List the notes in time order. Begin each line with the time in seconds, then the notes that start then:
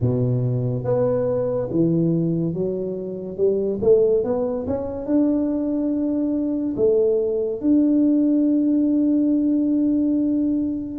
0.00 B2
0.83 B3
1.70 E3
2.54 F#3
3.36 G3
3.81 A3
4.24 B3
4.67 C#4
5.06 D4
6.76 A3
7.61 D4